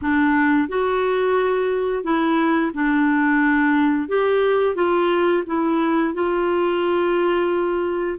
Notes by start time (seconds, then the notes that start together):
0.01 D4
0.68 F#4
2.03 E4
2.73 D4
4.08 G4
4.75 F4
5.46 E4
6.14 F4